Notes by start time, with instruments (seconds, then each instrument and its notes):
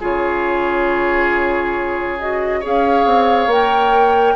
0.00 bassoon C#3, clarinet F4, oboe G#4, flute C#5
2.19 clarinet F#4, flute D#5
2.60 bassoon C#4, clarinet G#4, oboe C#5
2.66 flute F5
3.05 bassoon C4
3.47 bassoon A#3, clarinet A#4, flute G5